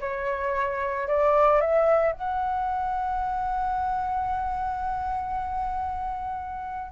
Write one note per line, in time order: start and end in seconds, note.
0.00 1.07 C#5
1.07 1.60 D5
1.60 2.12 E5
2.12 6.92 F#5